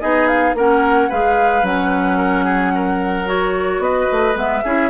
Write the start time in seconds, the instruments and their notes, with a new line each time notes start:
0.00 bassoon B3, clarinet D#4, oboe G#4, flute D#5
0.27 flute F5
0.54 bassoon A#3, clarinet C#4, oboe A#4, flute F#5
1.08 bassoon G#3, clarinet G#4, oboe B4, flute F5
1.62 bassoon F#3, clarinet C#4, flute F#5
2.17 oboe A#4
2.44 oboe G#4
2.74 oboe A#4
3.25 clarinet F#4, flute C#5
3.78 bassoon B3, oboe B4, flute D#5
4.11 bassoon A3
4.34 bassoon G#3, clarinet B3, flute E5
4.64 bassoon C#4, clarinet E4, oboe G#4